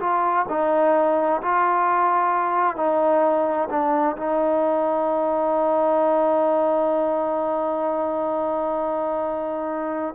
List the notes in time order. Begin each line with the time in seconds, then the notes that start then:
0.00 F4
0.49 D#4
1.42 F4
2.77 D#4
3.70 D4
4.17 D#4